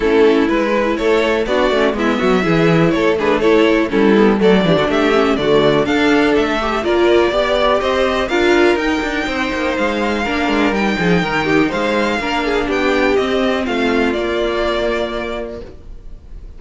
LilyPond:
<<
  \new Staff \with { instrumentName = "violin" } { \time 4/4 \tempo 4 = 123 a'4 b'4 cis''4 d''4 | e''2 cis''8 b'8 cis''4 | a'4 d''4 e''4 d''4 | f''4 e''4 d''2 |
dis''4 f''4 g''2 | f''2 g''2 | f''2 g''4 dis''4 | f''4 d''2. | }
  \new Staff \with { instrumentName = "violin" } { \time 4/4 e'2 a'4 fis'4 | e'8 fis'8 gis'4 a'8 gis'8 a'4 | e'4 a'8 g'16 fis'16 g'4 fis'4 | a'2 ais'4 d''4 |
c''4 ais'2 c''4~ | c''4 ais'4. gis'8 ais'8 g'8 | c''4 ais'8 gis'8 g'2 | f'1 | }
  \new Staff \with { instrumentName = "viola" } { \time 4/4 cis'4 e'2 d'8 cis'8 | b4 e'4. d'8 e'4 | cis'8 b8 a8 d'4 cis'8 a4 | d'4. g'8 f'4 g'4~ |
g'4 f'4 dis'2~ | dis'4 d'4 dis'2~ | dis'4 d'2 c'4~ | c'4 ais2. | }
  \new Staff \with { instrumentName = "cello" } { \time 4/4 a4 gis4 a4 b8 a8 | gis8 fis8 e4 a2 | g4 fis8 e16 d16 a4 d4 | d'4 a4 ais4 b4 |
c'4 d'4 dis'8 d'8 c'8 ais8 | gis4 ais8 gis8 g8 f8 dis4 | gis4 ais4 b4 c'4 | a4 ais2. | }
>>